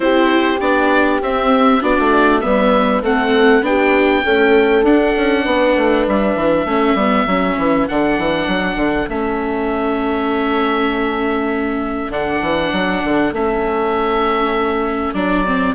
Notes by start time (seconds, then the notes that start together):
0.00 C4 E4 G4 C5
0.60 B3 D4 D5
1.22 C4 E5
1.80 B3 D4 F#4 D5
1.98 A3
2.40 G3 B3 B4 E5
3.02 A3 C4 A4 F#5
3.61 B3 D4 G5
3.67 G4
4.24 A3 C#4 A4
4.83 D4 F#5
5.16 C#4
5.45 B3 B4
5.76 A3
6.07 G3 E5
6.35 E3
6.65 A3 C#4 A4
6.94 G3 B3
7.26 F#3 C#4
7.57 E3
7.88 D3 D4 F#5
8.18 E3
8.47 F#3
8.75 D3
9.08 A3 C#4 E5
12.09 D3 D4 F#5
12.41 E3
12.72 F#3
13.04 D3
13.32 A3 C#4 E5
15.13 F#3 D4 D5
15.45 C4